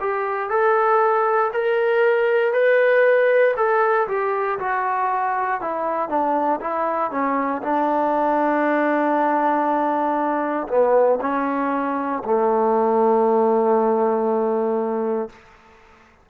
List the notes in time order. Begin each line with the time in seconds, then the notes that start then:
0.00 G4
0.49 A4
1.53 A#4
2.53 B4
3.56 A4
4.07 G4
4.59 F#4
5.61 E4
6.09 D4
6.61 E4
7.11 C#4
7.62 D4
10.68 B3
11.21 C#4
12.24 A3